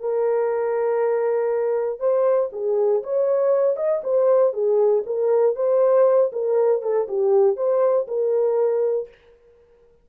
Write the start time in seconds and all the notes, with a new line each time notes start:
0.00 A#4
2.00 C5
2.53 G#4
3.03 C#5
3.77 D#5
4.04 C5
4.53 G#4
5.06 A#4
5.56 C5
6.33 A#4
6.82 A4
7.08 G4
7.57 C5
8.08 A#4